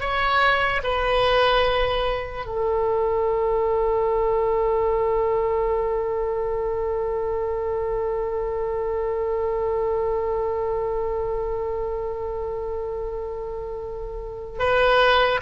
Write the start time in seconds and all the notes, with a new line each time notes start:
0.00 C#5
0.83 B4
2.45 A4
14.59 B4